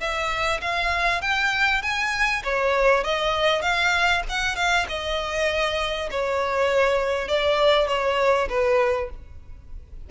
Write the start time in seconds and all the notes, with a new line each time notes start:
0.00 E5
0.61 F5
1.21 G5
1.82 G#5
2.44 C#5
3.04 D#5
3.62 F5
4.29 F#5
4.56 F5
4.88 D#5
6.11 C#5
7.28 D5
7.87 C#5
8.49 B4